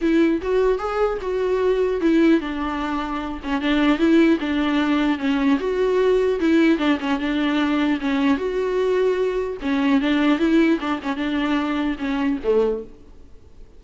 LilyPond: \new Staff \with { instrumentName = "viola" } { \time 4/4 \tempo 4 = 150 e'4 fis'4 gis'4 fis'4~ | fis'4 e'4 d'2~ | d'8 cis'8 d'4 e'4 d'4~ | d'4 cis'4 fis'2 |
e'4 d'8 cis'8 d'2 | cis'4 fis'2. | cis'4 d'4 e'4 d'8 cis'8 | d'2 cis'4 a4 | }